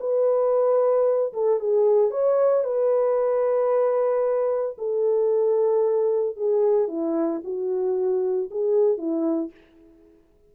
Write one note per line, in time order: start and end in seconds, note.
0.00 1.33 B4
1.33 1.60 A4
1.60 2.11 G#4
2.11 2.64 C#5
2.64 4.76 B4
4.78 6.36 A4
6.36 6.88 G#4
6.88 7.41 E4
7.44 8.50 F#4
8.51 8.98 G#4
8.98 9.51 E4